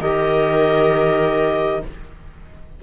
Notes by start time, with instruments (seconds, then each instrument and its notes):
0.00 cello D#3, trombone G4, viola A#4, clarinet D#5